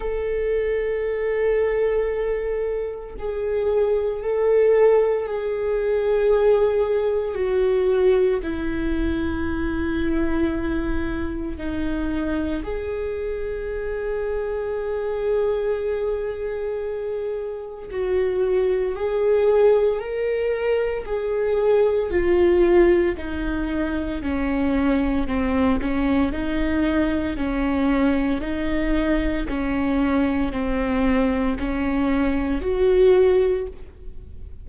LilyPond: \new Staff \with { instrumentName = "viola" } { \time 4/4 \tempo 4 = 57 a'2. gis'4 | a'4 gis'2 fis'4 | e'2. dis'4 | gis'1~ |
gis'4 fis'4 gis'4 ais'4 | gis'4 f'4 dis'4 cis'4 | c'8 cis'8 dis'4 cis'4 dis'4 | cis'4 c'4 cis'4 fis'4 | }